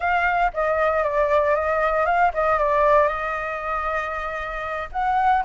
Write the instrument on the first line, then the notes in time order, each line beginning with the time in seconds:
flute
0.00 F5
0.53 D#5
1.03 D5
1.55 D#5
2.05 F5
2.34 D#5
2.59 D5
3.08 D#5
4.92 F#5